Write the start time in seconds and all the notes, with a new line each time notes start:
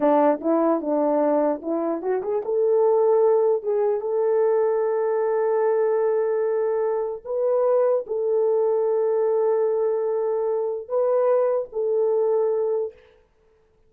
0.00 D4
0.40 E4
0.81 D4
1.61 E4
2.01 F#4
2.22 G#4
2.44 A4
3.63 G#4
4.00 A4
7.24 B4
8.06 A4
10.88 B4
11.72 A4